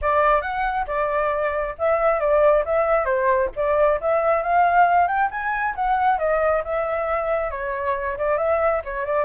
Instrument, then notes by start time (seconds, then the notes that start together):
flute
0.01 D5
0.41 F#5
0.87 D5
1.78 E5
2.19 D5
2.65 E5
3.05 C5
3.56 D5
4.00 E5
4.42 F5
5.07 G5
5.30 G#5
5.75 F#5
6.18 D#5
6.64 E5
7.51 C#5
8.17 D5
8.37 E5
8.84 C#5
9.05 D5